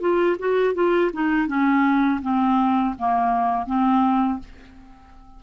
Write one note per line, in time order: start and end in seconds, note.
0.00 0.37 F4
0.39 0.74 F#4
0.74 1.11 F4
1.13 1.47 D#4
1.47 2.20 C#4
2.22 2.95 C4
2.98 3.66 A#3
3.66 4.39 C4